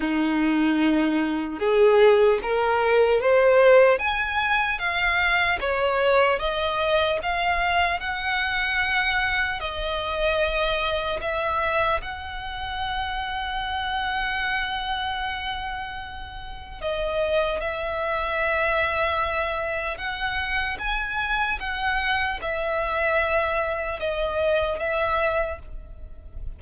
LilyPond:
\new Staff \with { instrumentName = "violin" } { \time 4/4 \tempo 4 = 75 dis'2 gis'4 ais'4 | c''4 gis''4 f''4 cis''4 | dis''4 f''4 fis''2 | dis''2 e''4 fis''4~ |
fis''1~ | fis''4 dis''4 e''2~ | e''4 fis''4 gis''4 fis''4 | e''2 dis''4 e''4 | }